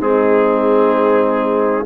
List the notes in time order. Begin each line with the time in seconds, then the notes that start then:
0.00 G#3 C4 D#4 G#4